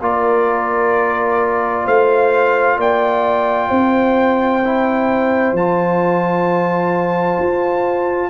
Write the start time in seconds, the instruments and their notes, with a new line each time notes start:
0.00 tuba A#3, trombone F4, horn A#4, trumpet D5
1.84 tuba A3, horn C5, trumpet F5
2.77 tuba A#3, horn D5, trumpet G5
3.69 tuba C4, horn C5
4.65 trombone E4
5.52 tuba F3, trombone F4, trumpet A5
7.38 tuba F4